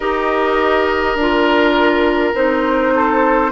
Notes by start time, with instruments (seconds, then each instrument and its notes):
0.00 bassoon D#4, clarinet G4, oboe A#4, flute D#5
1.15 bassoon D4, clarinet F4, flute A#4
2.34 bassoon C4, clarinet D#4, flute C5
2.95 oboe A4